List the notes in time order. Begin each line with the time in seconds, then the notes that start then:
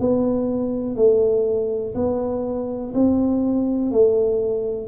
0.00 B3
0.96 A3
1.95 B3
2.95 C4
3.92 A3